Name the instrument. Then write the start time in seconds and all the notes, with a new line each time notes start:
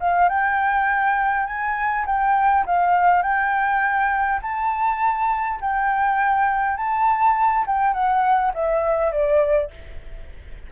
flute
0.00 F5
0.29 G5
1.46 G#5
2.06 G5
2.66 F5
3.22 G5
4.42 A5
5.61 G5
6.77 A5
7.67 G5
7.93 F#5
8.54 E5
9.12 D5